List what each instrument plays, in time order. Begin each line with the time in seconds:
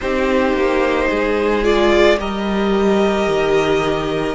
0.00 cello C4, viola D#4, violin G4 C5
0.53 cello A#3
1.09 cello G#3, violin G#4
1.63 viola F4, violin D5
2.18 cello G3, viola G4, violin A#4 D#5
3.26 cello D#3